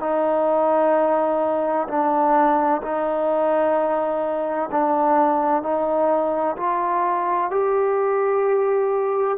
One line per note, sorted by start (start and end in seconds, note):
0.00 1.87 D#4
1.87 2.81 D4
2.82 4.70 D#4
4.71 5.62 D4
5.62 6.56 D#4
6.57 7.50 F4
7.50 9.38 G4